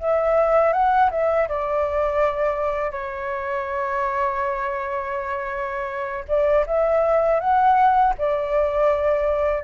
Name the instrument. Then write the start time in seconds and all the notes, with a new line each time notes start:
flute
0.00 E5
0.73 F#5
1.11 E5
1.49 D5
2.92 C#5
6.28 D5
6.67 E5
7.40 F#5
8.18 D5